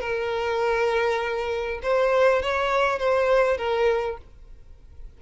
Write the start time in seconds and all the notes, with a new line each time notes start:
0.00 A#4
1.83 C5
2.42 C#5
2.99 C5
3.57 A#4